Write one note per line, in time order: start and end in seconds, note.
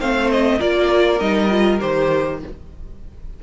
0.00 0.61 A3
0.00 0.60 C4
0.00 0.58 C5
0.00 0.31 F5
0.31 0.61 D#5
0.58 1.21 A#3
0.58 1.20 F4
0.58 2.39 A#4
0.58 1.20 D5
1.20 1.81 G3
1.20 1.50 D#4
1.20 1.80 D#5
1.51 1.80 F4
1.80 2.43 D#3
1.80 2.40 G4
1.80 2.41 C5